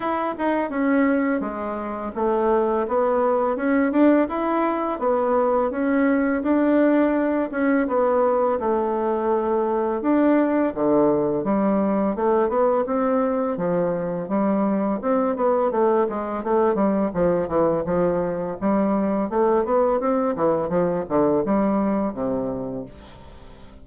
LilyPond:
\new Staff \with { instrumentName = "bassoon" } { \time 4/4 \tempo 4 = 84 e'8 dis'8 cis'4 gis4 a4 | b4 cis'8 d'8 e'4 b4 | cis'4 d'4. cis'8 b4 | a2 d'4 d4 |
g4 a8 b8 c'4 f4 | g4 c'8 b8 a8 gis8 a8 g8 | f8 e8 f4 g4 a8 b8 | c'8 e8 f8 d8 g4 c4 | }